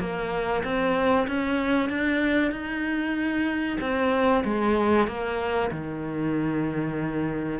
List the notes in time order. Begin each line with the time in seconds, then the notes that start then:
0.00 A#3
0.64 C4
1.28 C#4
1.90 D4
2.52 D#4
3.81 C4
4.45 G#3
5.08 A#3
5.71 D#3